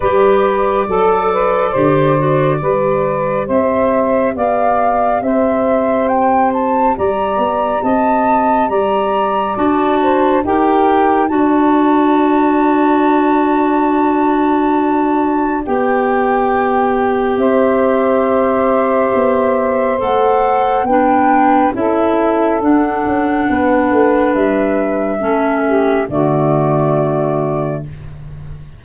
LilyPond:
<<
  \new Staff \with { instrumentName = "flute" } { \time 4/4 \tempo 4 = 69 d''1 | e''4 f''4 e''4 g''8 a''8 | ais''4 a''4 ais''4 a''4 | g''4 a''2.~ |
a''2 g''2 | e''2. fis''4 | g''4 e''4 fis''2 | e''2 d''2 | }
  \new Staff \with { instrumentName = "saxophone" } { \time 4/4 b'4 a'8 b'8 c''4 b'4 | c''4 d''4 c''2 | d''4 dis''4 d''4. c''8 | ais'4 d''2.~ |
d''1 | c''1 | b'4 a'2 b'4~ | b'4 a'8 g'8 fis'2 | }
  \new Staff \with { instrumentName = "clarinet" } { \time 4/4 g'4 a'4 g'8 fis'8 g'4~ | g'1~ | g'2. fis'4 | g'4 fis'2.~ |
fis'2 g'2~ | g'2. a'4 | d'4 e'4 d'2~ | d'4 cis'4 a2 | }
  \new Staff \with { instrumentName = "tuba" } { \time 4/4 g4 fis4 d4 g4 | c'4 b4 c'2 | g8 b8 c'4 g4 d'4 | dis'4 d'2.~ |
d'2 b2 | c'2 b4 a4 | b4 cis'4 d'8 cis'8 b8 a8 | g4 a4 d2 | }
>>